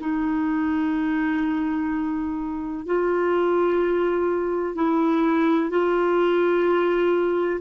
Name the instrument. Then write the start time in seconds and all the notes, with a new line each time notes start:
clarinet
0.00 D#4
2.86 F4
4.75 E4
5.70 F4